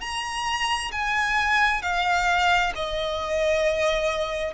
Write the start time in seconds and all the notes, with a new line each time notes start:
0.00 A#5
0.91 G#5
1.82 F5
2.75 D#5